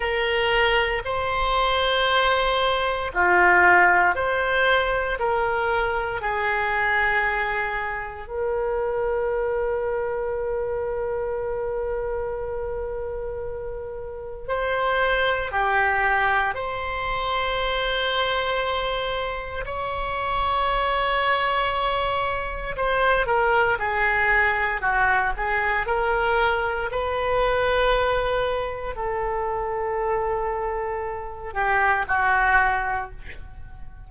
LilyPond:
\new Staff \with { instrumentName = "oboe" } { \time 4/4 \tempo 4 = 58 ais'4 c''2 f'4 | c''4 ais'4 gis'2 | ais'1~ | ais'2 c''4 g'4 |
c''2. cis''4~ | cis''2 c''8 ais'8 gis'4 | fis'8 gis'8 ais'4 b'2 | a'2~ a'8 g'8 fis'4 | }